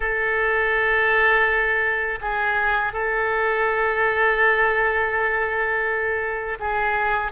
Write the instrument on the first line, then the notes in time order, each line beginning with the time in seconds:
oboe
0.00 A4
2.21 G#4
2.92 A4
6.59 G#4